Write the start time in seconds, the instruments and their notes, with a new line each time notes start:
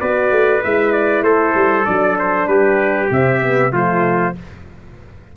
0.00 tuba B3, horn F#4, trumpet B4 D5
0.31 tuba A3
0.64 tuba G#3, horn E4, trumpet E5
0.92 trumpet D5
1.23 tuba A3, trumpet A4 C5
1.55 tuba G3
1.85 tuba F#3, horn D4, trumpet D5
2.19 trumpet C5
2.47 tuba G3, trumpet G4 B4
3.10 tuba C3, horn C4, trumpet E5
3.42 horn B3
3.72 tuba F3, horn A3, trumpet F4 C5